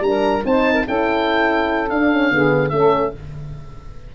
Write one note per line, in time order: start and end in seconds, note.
0.00 0.41 G3
0.00 0.44 D4
0.00 0.44 A#5
0.06 0.46 A#4
0.45 0.86 C4
0.45 0.85 D#4
0.45 0.74 C5
0.45 0.87 A5
0.74 0.84 A#4
0.85 1.90 C#4
0.85 1.89 E4
0.85 2.32 A4
0.85 1.90 G5
1.90 2.31 D4
1.90 2.11 D4
1.90 2.69 F5
2.11 2.31 C#4
2.31 2.71 D3
2.31 2.72 B3
2.31 2.73 G#4
2.69 3.13 A3
2.69 3.13 C#4
2.69 3.15 A4
2.69 3.11 E5